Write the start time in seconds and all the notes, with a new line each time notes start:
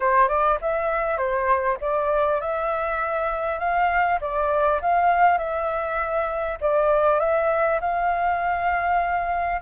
0.00 C5
0.28 D5
0.61 E5
1.17 C5
1.80 D5
2.41 E5
3.59 F5
4.20 D5
4.81 F5
5.38 E5
6.60 D5
7.19 E5
7.80 F5